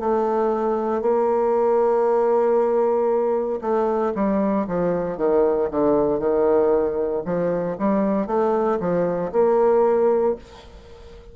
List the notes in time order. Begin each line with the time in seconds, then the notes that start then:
0.00 A3
1.02 A#3
3.61 A3
4.15 G3
4.67 F3
5.17 D#3
5.71 D3
6.19 D#3
7.26 F3
7.79 G3
8.27 A3
8.80 F3
9.32 A#3